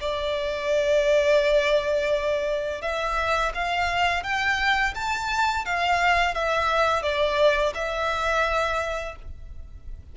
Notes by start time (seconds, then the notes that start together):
0.00 D5
2.81 E5
3.54 F5
4.23 G5
4.94 A5
5.65 F5
6.34 E5
7.02 D5
7.74 E5